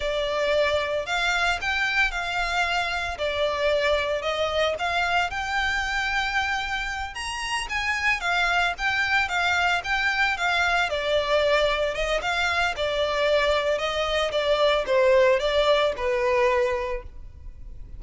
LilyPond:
\new Staff \with { instrumentName = "violin" } { \time 4/4 \tempo 4 = 113 d''2 f''4 g''4 | f''2 d''2 | dis''4 f''4 g''2~ | g''4. ais''4 gis''4 f''8~ |
f''8 g''4 f''4 g''4 f''8~ | f''8 d''2 dis''8 f''4 | d''2 dis''4 d''4 | c''4 d''4 b'2 | }